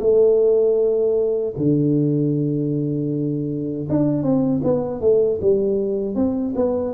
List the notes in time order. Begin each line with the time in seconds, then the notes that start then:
0.00 A3
1.57 D3
3.90 D4
4.23 C4
4.64 B3
5.01 A3
5.41 G3
6.16 C4
6.56 B3